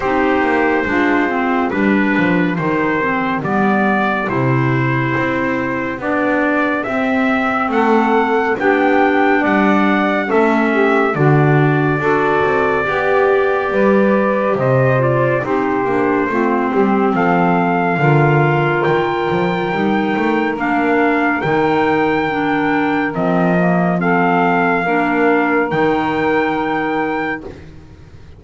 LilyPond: <<
  \new Staff \with { instrumentName = "trumpet" } { \time 4/4 \tempo 4 = 70 c''2 b'4 c''4 | d''4 c''2 d''4 | e''4 fis''4 g''4 fis''4 | e''4 d''2.~ |
d''4 dis''8 d''8 c''2 | f''2 g''2 | f''4 g''2 dis''4 | f''2 g''2 | }
  \new Staff \with { instrumentName = "saxophone" } { \time 4/4 g'4 f'4 g'2~ | g'1~ | g'4 a'4 g'4 d''4 | a'8 g'8 fis'4 a'4 g'4 |
b'4 c''4 g'4 f'8 g'8 | a'4 ais'2.~ | ais'1 | a'4 ais'2. | }
  \new Staff \with { instrumentName = "clarinet" } { \time 4/4 dis'4 d'8 c'8 d'4 dis'8 c'8 | b4 e'2 d'4 | c'2 d'2 | cis'4 d'4 fis'4 g'4~ |
g'4. f'8 dis'8 d'8 c'4~ | c'4 f'2 dis'4 | d'4 dis'4 d'4 c'8 ais8 | c'4 d'4 dis'2 | }
  \new Staff \with { instrumentName = "double bass" } { \time 4/4 c'8 ais8 gis4 g8 f8 dis4 | g4 c4 c'4 b4 | c'4 a4 b4 g4 | a4 d4 d'8 c'8 b4 |
g4 c4 c'8 ais8 a8 g8 | f4 d4 dis8 f8 g8 a8 | ais4 dis2 f4~ | f4 ais4 dis2 | }
>>